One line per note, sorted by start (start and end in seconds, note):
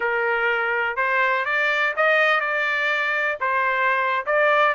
0.00 0.96 A#4
0.96 1.45 C5
1.45 1.94 D5
1.96 2.40 D#5
2.40 3.38 D5
3.40 4.25 C5
4.25 4.74 D5